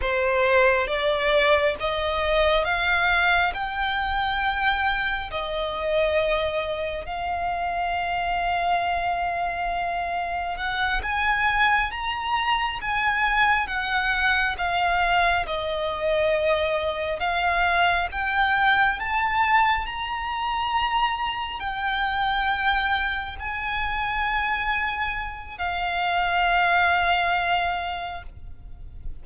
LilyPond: \new Staff \with { instrumentName = "violin" } { \time 4/4 \tempo 4 = 68 c''4 d''4 dis''4 f''4 | g''2 dis''2 | f''1 | fis''8 gis''4 ais''4 gis''4 fis''8~ |
fis''8 f''4 dis''2 f''8~ | f''8 g''4 a''4 ais''4.~ | ais''8 g''2 gis''4.~ | gis''4 f''2. | }